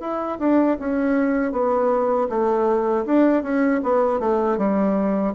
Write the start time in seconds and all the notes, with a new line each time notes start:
0.00 E4
0.39 D4
0.79 C#4
1.52 B3
2.30 A3
3.06 D4
3.43 C#4
3.83 B3
4.19 A3
4.58 G3